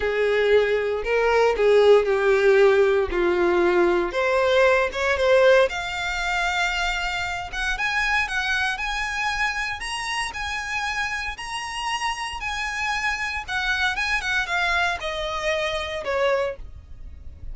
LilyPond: \new Staff \with { instrumentName = "violin" } { \time 4/4 \tempo 4 = 116 gis'2 ais'4 gis'4 | g'2 f'2 | c''4. cis''8 c''4 f''4~ | f''2~ f''8 fis''8 gis''4 |
fis''4 gis''2 ais''4 | gis''2 ais''2 | gis''2 fis''4 gis''8 fis''8 | f''4 dis''2 cis''4 | }